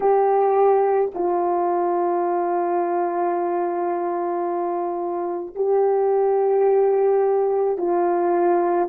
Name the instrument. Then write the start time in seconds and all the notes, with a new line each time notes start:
horn
0.00 G4
1.14 F4
5.55 G4
7.77 F4